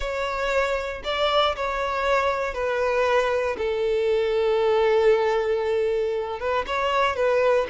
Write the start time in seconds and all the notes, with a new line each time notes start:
0.00 C#5
1.04 D5
1.55 C#5
2.53 B4
3.57 A4
6.39 B4
6.67 C#5
7.15 B4